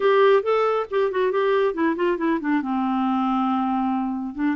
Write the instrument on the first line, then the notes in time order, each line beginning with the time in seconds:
clarinet
0.00 G4
0.42 A4
0.90 G4
1.11 F#4
1.31 G4
1.74 E4
1.96 F4
2.17 E4
2.40 D4
2.62 C4
4.35 D4